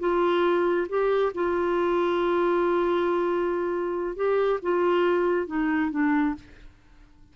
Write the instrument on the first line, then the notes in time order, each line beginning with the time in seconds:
clarinet
0.00 F4
0.89 G4
1.35 F4
4.16 G4
4.63 F4
5.47 D#4
5.91 D4